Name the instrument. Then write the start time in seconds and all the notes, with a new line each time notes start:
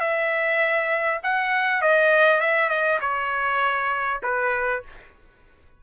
trumpet
0.00 E5
1.23 F#5
1.81 D#5
2.40 E5
2.69 D#5
3.00 C#5
4.22 B4